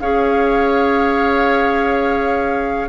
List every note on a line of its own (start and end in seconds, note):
0.00 2.88 C#4
0.00 2.88 G#4
0.00 2.88 C#5
0.00 2.88 F5